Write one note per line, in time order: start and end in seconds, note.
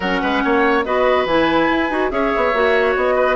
0.00 0.21 F#3
0.00 0.85 C#4
0.00 0.21 A#4
0.00 0.83 F#5
0.21 0.43 G#3
0.21 0.42 B4
0.44 0.85 A#3
0.44 0.85 C#5
0.83 1.25 B3
0.83 1.27 F#4
0.83 2.12 B4
0.83 1.26 D#5
1.25 1.68 E3
1.25 1.90 E4
1.25 2.10 G#5
1.70 1.90 E4
1.90 2.11 D#4
1.90 2.10 F#4
2.10 2.32 C#4
2.10 2.52 G#4
2.10 3.15 C#5
2.10 2.94 E5
2.36 2.53 B3
2.53 2.95 A#3
2.53 3.36 F#4
2.95 3.36 B3
2.95 3.36 D#5
3.15 3.36 B4